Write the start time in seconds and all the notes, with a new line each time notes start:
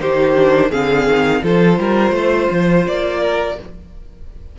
0.00 D#3 D#4 G4 C5
0.36 D4
0.71 D3 C4 G#4 F5
1.07 D#3
1.43 F3 F4 A4 C5
1.79 G3 A#4
2.12 A3 C5
2.51 F3
2.87 A#3 D5
3.21 A#4